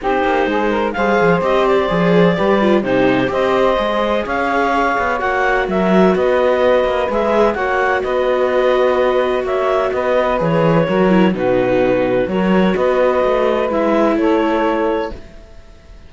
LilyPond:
<<
  \new Staff \with { instrumentName = "clarinet" } { \time 4/4 \tempo 4 = 127 c''2 f''4 dis''8 d''8~ | d''2 c''4 dis''4~ | dis''4 f''2 fis''4 | e''4 dis''2 e''4 |
fis''4 dis''2. | e''4 dis''4 cis''2 | b'2 cis''4 dis''4~ | dis''4 e''4 cis''2 | }
  \new Staff \with { instrumentName = "saxophone" } { \time 4/4 g'4 gis'8 ais'8 c''2~ | c''4 b'4 g'4 c''4~ | c''4 cis''2. | ais'4 b'2. |
cis''4 b'2. | cis''4 b'2 ais'4 | fis'2 ais'4 b'4~ | b'2 a'2 | }
  \new Staff \with { instrumentName = "viola" } { \time 4/4 dis'2 gis'4 g'4 | gis'4 g'8 f'8 dis'4 g'4 | gis'2. fis'4~ | fis'2. gis'4 |
fis'1~ | fis'2 gis'4 fis'8 e'8 | dis'2 fis'2~ | fis'4 e'2. | }
  \new Staff \with { instrumentName = "cello" } { \time 4/4 c'8 ais8 gis4 g8 f8 c'4 | f4 g4 c4 c'4 | gis4 cis'4. b8 ais4 | fis4 b4. ais8 gis4 |
ais4 b2. | ais4 b4 e4 fis4 | b,2 fis4 b4 | a4 gis4 a2 | }
>>